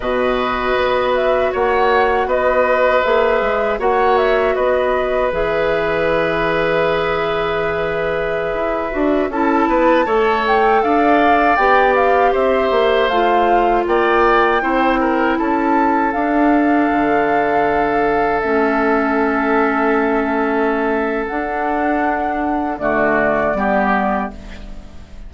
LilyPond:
<<
  \new Staff \with { instrumentName = "flute" } { \time 4/4 \tempo 4 = 79 dis''4. e''8 fis''4 dis''4 | e''4 fis''8 e''8 dis''4 e''4~ | e''1~ | e''16 a''4. g''8 f''4 g''8 f''16~ |
f''16 e''4 f''4 g''4.~ g''16~ | g''16 a''4 f''2~ f''8.~ | f''16 e''2.~ e''8. | fis''2 d''2 | }
  \new Staff \with { instrumentName = "oboe" } { \time 4/4 b'2 cis''4 b'4~ | b'4 cis''4 b'2~ | b'1~ | b'16 a'8 b'8 cis''4 d''4.~ d''16~ |
d''16 c''2 d''4 c''8 ais'16~ | ais'16 a'2.~ a'8.~ | a'1~ | a'2 fis'4 g'4 | }
  \new Staff \with { instrumentName = "clarinet" } { \time 4/4 fis'1 | gis'4 fis'2 gis'4~ | gis'2.~ gis'8. fis'16~ | fis'16 e'4 a'2 g'8.~ |
g'4~ g'16 f'2 e'8.~ | e'4~ e'16 d'2~ d'8.~ | d'16 cis'2.~ cis'8. | d'2 a4 b4 | }
  \new Staff \with { instrumentName = "bassoon" } { \time 4/4 b,4 b4 ais4 b4 | ais8 gis8 ais4 b4 e4~ | e2.~ e16 e'8 d'16~ | d'16 cis'8 b8 a4 d'4 b8.~ |
b16 c'8 ais8 a4 ais4 c'8.~ | c'16 cis'4 d'4 d4.~ d16~ | d16 a2.~ a8. | d'2 d4 g4 | }
>>